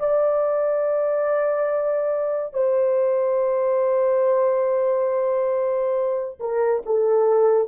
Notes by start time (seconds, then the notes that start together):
0.00 D5
2.54 C5
6.40 A#4
6.86 A4